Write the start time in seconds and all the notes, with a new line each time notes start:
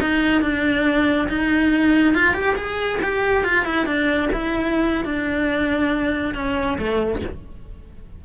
0.00 D#4
0.41 D4
1.28 D#4
2.14 F4
2.34 G4
2.56 G#4
3.02 G4
3.44 F4
3.65 E4
3.86 D4
4.32 E4
5.04 D4
6.34 C#4
6.78 A3